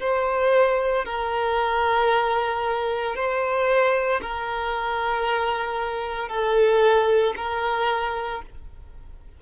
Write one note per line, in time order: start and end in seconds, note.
0.00 1.05 C5
1.05 3.16 A#4
3.16 4.21 C5
4.22 6.29 A#4
6.29 7.34 A4
7.37 8.42 A#4